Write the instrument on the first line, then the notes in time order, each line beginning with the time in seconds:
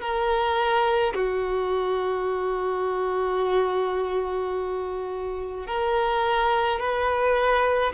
violin
0.00 A#4
1.14 F#4
5.67 A#4
6.79 B4